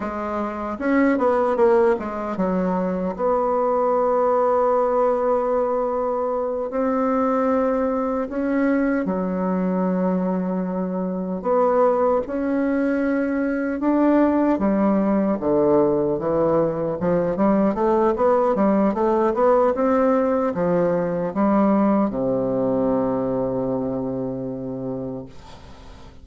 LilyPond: \new Staff \with { instrumentName = "bassoon" } { \time 4/4 \tempo 4 = 76 gis4 cis'8 b8 ais8 gis8 fis4 | b1~ | b8 c'2 cis'4 fis8~ | fis2~ fis8 b4 cis'8~ |
cis'4. d'4 g4 d8~ | d8 e4 f8 g8 a8 b8 g8 | a8 b8 c'4 f4 g4 | c1 | }